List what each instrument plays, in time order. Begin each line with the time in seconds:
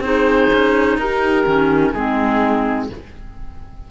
0.00 cello C4, clarinet D#4, horn G#4, oboe C5
0.53 cello C#4
0.98 cello D#4, horn G4, oboe A#4
1.46 cello D#3, clarinet C#4
1.93 cello G#3, clarinet C4, horn D#4, oboe G#4